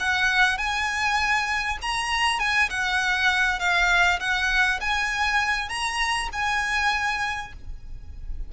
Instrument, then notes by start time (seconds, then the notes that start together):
violin
0.00 F#5
0.58 G#5
1.82 A#5
2.39 G#5
2.70 F#5
3.59 F5
4.20 F#5
4.81 G#5
5.69 A#5
6.32 G#5